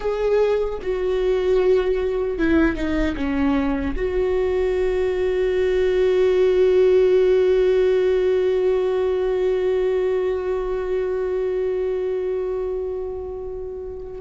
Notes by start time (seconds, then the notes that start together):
0.00 G#4
0.81 F#4
2.38 E4
2.76 D#4
3.16 C#4
3.95 F#4